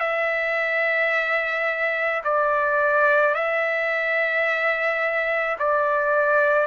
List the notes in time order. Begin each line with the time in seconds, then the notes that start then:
0.00 E5
2.24 D5
3.35 E5
5.59 D5